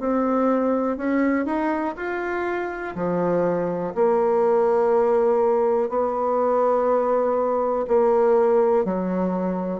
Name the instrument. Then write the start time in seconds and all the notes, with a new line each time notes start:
bassoon
0.00 C4
0.97 C#4
1.46 D#4
1.97 F4
2.96 F3
3.95 A#3
5.89 B3
7.88 A#3
8.85 F#3